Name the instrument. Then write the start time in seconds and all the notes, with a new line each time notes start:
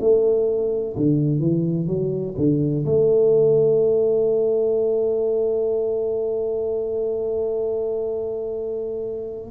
tuba
0.00 A3
0.97 D3
1.39 E3
1.87 F#3
2.37 D3
2.85 A3